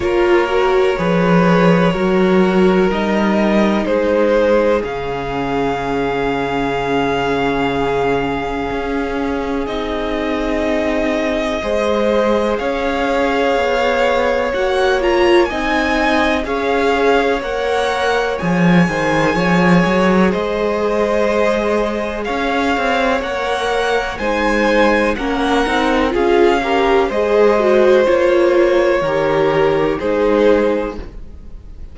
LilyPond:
<<
  \new Staff \with { instrumentName = "violin" } { \time 4/4 \tempo 4 = 62 cis''2. dis''4 | c''4 f''2.~ | f''2 dis''2~ | dis''4 f''2 fis''8 ais''8 |
gis''4 f''4 fis''4 gis''4~ | gis''4 dis''2 f''4 | fis''4 gis''4 fis''4 f''4 | dis''4 cis''2 c''4 | }
  \new Staff \with { instrumentName = "violin" } { \time 4/4 ais'4 b'4 ais'2 | gis'1~ | gis'1 | c''4 cis''2. |
dis''4 cis''2~ cis''8 c''8 | cis''4 c''2 cis''4~ | cis''4 c''4 ais'4 gis'8 ais'8 | c''2 ais'4 gis'4 | }
  \new Staff \with { instrumentName = "viola" } { \time 4/4 f'8 fis'8 gis'4 fis'4 dis'4~ | dis'4 cis'2.~ | cis'2 dis'2 | gis'2. fis'8 f'8 |
dis'4 gis'4 ais'4 gis'4~ | gis'1 | ais'4 dis'4 cis'8 dis'8 f'8 g'8 | gis'8 fis'8 f'4 g'4 dis'4 | }
  \new Staff \with { instrumentName = "cello" } { \time 4/4 ais4 f4 fis4 g4 | gis4 cis2.~ | cis4 cis'4 c'2 | gis4 cis'4 b4 ais4 |
c'4 cis'4 ais4 f8 dis8 | f8 fis8 gis2 cis'8 c'8 | ais4 gis4 ais8 c'8 cis'4 | gis4 ais4 dis4 gis4 | }
>>